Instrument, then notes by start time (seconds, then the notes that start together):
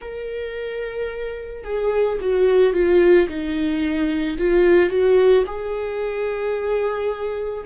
viola
0.00 A#4
1.64 G#4
2.20 F#4
2.73 F4
3.28 D#4
4.38 F4
4.89 F#4
5.46 G#4